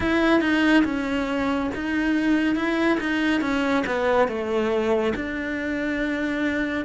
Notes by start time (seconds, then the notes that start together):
0.00 E4
0.41 D#4
0.84 C#4
1.74 D#4
2.55 E4
3.00 D#4
3.41 C#4
3.86 B3
4.27 A3
5.15 D4